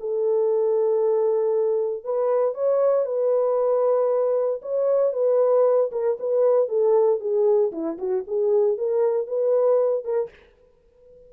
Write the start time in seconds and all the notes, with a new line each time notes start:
0.00 A4
2.04 B4
2.54 C#5
3.06 B4
4.62 C#5
5.13 B4
5.92 A#4
6.20 B4
6.68 A4
7.20 G#4
7.72 E4
7.98 F#4
8.27 G#4
8.78 A#4
9.28 B4
10.04 A#4